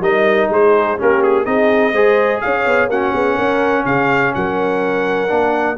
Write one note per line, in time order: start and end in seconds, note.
0.00 0.48 G3
0.00 0.98 D#4
0.00 0.50 A#4
0.00 0.51 D#5
0.50 0.98 G#3
0.50 0.98 G#4
0.50 1.01 C5
0.98 1.46 A#3
0.98 1.45 C#4
0.98 1.46 G4
0.98 1.23 A#4
1.23 1.45 G#4
1.45 1.93 C4
1.45 1.93 D#4
1.45 1.93 G#4
1.45 2.41 D#5
1.93 2.41 G#3
1.93 2.91 G#4
1.93 2.41 C5
2.41 2.66 C#4
2.41 2.90 C#5
2.41 2.89 F5
2.66 2.88 B3
2.88 3.12 A#3
2.88 5.28 C#4
2.88 3.13 F#4
2.88 3.86 F#5
3.13 3.38 B3
3.13 3.35 G#4
3.35 3.85 C#4
3.35 3.83 A#4
3.85 4.33 C#3
3.85 4.35 G#4
3.85 4.34 F5
4.34 5.30 F#3
4.34 5.78 A#4
4.34 5.78 F#5
5.28 5.78 A#3
5.28 5.76 D4